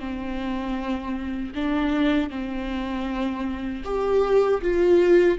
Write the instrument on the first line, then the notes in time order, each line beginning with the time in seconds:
viola
0.00 C4
1.55 D4
2.30 C4
3.85 G4
4.62 F4